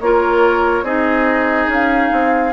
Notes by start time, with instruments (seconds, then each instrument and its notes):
0.00 bassoon A#3, clarinet F4, oboe A#4, flute C#5
0.82 bassoon C4, clarinet D#4, oboe G#4, flute D#5
1.68 bassoon C#4, flute F5
2.11 bassoon C4